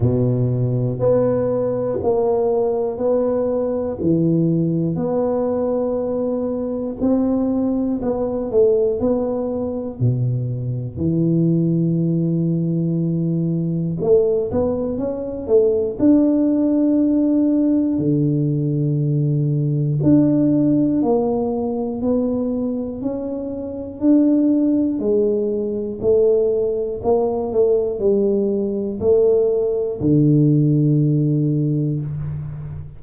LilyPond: \new Staff \with { instrumentName = "tuba" } { \time 4/4 \tempo 4 = 60 b,4 b4 ais4 b4 | e4 b2 c'4 | b8 a8 b4 b,4 e4~ | e2 a8 b8 cis'8 a8 |
d'2 d2 | d'4 ais4 b4 cis'4 | d'4 gis4 a4 ais8 a8 | g4 a4 d2 | }